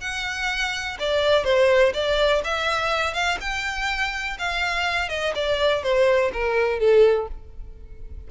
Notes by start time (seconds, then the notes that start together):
0.00 F#5
0.99 D5
1.44 C5
1.93 D5
2.44 E5
3.13 F5
3.40 G5
4.38 F5
5.09 D#5
5.34 D5
5.82 C5
6.33 A#4
6.79 A4